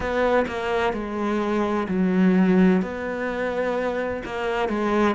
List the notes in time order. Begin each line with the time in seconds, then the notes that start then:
0.00 B3
0.47 A#3
0.93 G#3
1.88 F#3
2.82 B3
4.25 A#3
4.69 G#3